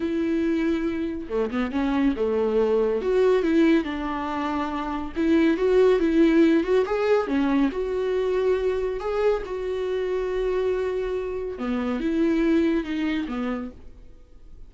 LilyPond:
\new Staff \with { instrumentName = "viola" } { \time 4/4 \tempo 4 = 140 e'2. a8 b8 | cis'4 a2 fis'4 | e'4 d'2. | e'4 fis'4 e'4. fis'8 |
gis'4 cis'4 fis'2~ | fis'4 gis'4 fis'2~ | fis'2. b4 | e'2 dis'4 b4 | }